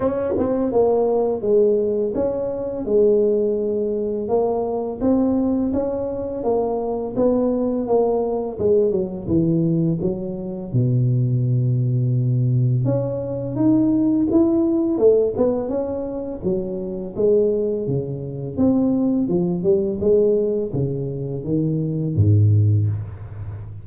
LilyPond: \new Staff \with { instrumentName = "tuba" } { \time 4/4 \tempo 4 = 84 cis'8 c'8 ais4 gis4 cis'4 | gis2 ais4 c'4 | cis'4 ais4 b4 ais4 | gis8 fis8 e4 fis4 b,4~ |
b,2 cis'4 dis'4 | e'4 a8 b8 cis'4 fis4 | gis4 cis4 c'4 f8 g8 | gis4 cis4 dis4 gis,4 | }